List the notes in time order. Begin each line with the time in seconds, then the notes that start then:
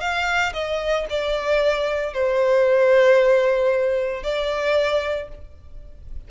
0.00 F5
0.53 D#5
1.10 D5
2.13 C5
4.23 D5